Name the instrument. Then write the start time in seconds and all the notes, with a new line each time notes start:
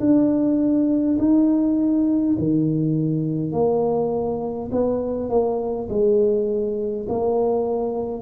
tuba
0.00 D4
1.19 D#4
2.39 D#3
3.52 A#3
4.72 B3
5.30 A#3
5.89 G#3
7.09 A#3